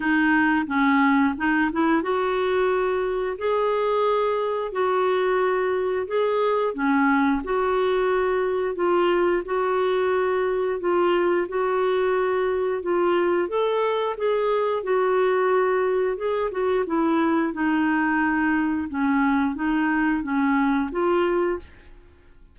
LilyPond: \new Staff \with { instrumentName = "clarinet" } { \time 4/4 \tempo 4 = 89 dis'4 cis'4 dis'8 e'8 fis'4~ | fis'4 gis'2 fis'4~ | fis'4 gis'4 cis'4 fis'4~ | fis'4 f'4 fis'2 |
f'4 fis'2 f'4 | a'4 gis'4 fis'2 | gis'8 fis'8 e'4 dis'2 | cis'4 dis'4 cis'4 f'4 | }